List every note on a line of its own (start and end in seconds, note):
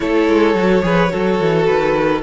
0.00 0.28 A3
0.00 0.55 E4
0.00 0.84 A4
0.00 1.65 C#5
0.28 0.54 G#3
0.54 0.82 F#3
0.54 0.82 F#4
0.82 1.11 F3
0.82 1.09 G#4
0.82 1.12 B4
1.09 1.40 F#3
1.09 2.20 F#4
1.09 2.23 A4
1.40 1.67 E3
1.65 2.23 D#3
1.65 2.21 B4